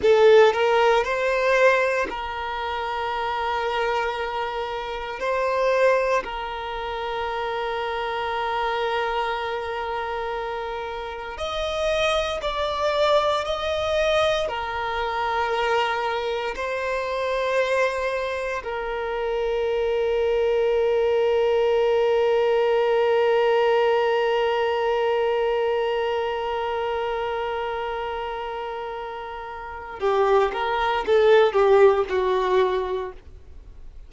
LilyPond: \new Staff \with { instrumentName = "violin" } { \time 4/4 \tempo 4 = 58 a'8 ais'8 c''4 ais'2~ | ais'4 c''4 ais'2~ | ais'2. dis''4 | d''4 dis''4 ais'2 |
c''2 ais'2~ | ais'1~ | ais'1~ | ais'4 g'8 ais'8 a'8 g'8 fis'4 | }